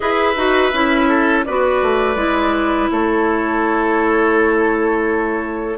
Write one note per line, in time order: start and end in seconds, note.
0.00 0.36 E4
0.00 0.34 G#4
0.00 1.08 B4
0.00 1.42 E5
0.36 0.72 D#4
0.36 0.72 F#4
0.72 1.45 C#4
0.72 1.45 E4
1.08 1.45 A4
1.44 1.82 B3
1.44 2.15 F#4
1.44 2.91 B4
1.44 2.89 D5
1.82 2.15 A3
2.15 2.87 G#3
2.15 5.77 E4
2.91 5.78 A3
2.91 5.78 A4
2.91 5.78 C#5